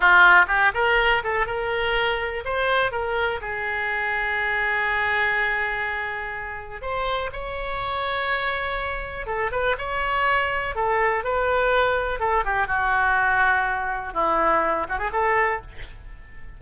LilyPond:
\new Staff \with { instrumentName = "oboe" } { \time 4/4 \tempo 4 = 123 f'4 g'8 ais'4 a'8 ais'4~ | ais'4 c''4 ais'4 gis'4~ | gis'1~ | gis'2 c''4 cis''4~ |
cis''2. a'8 b'8 | cis''2 a'4 b'4~ | b'4 a'8 g'8 fis'2~ | fis'4 e'4. fis'16 gis'16 a'4 | }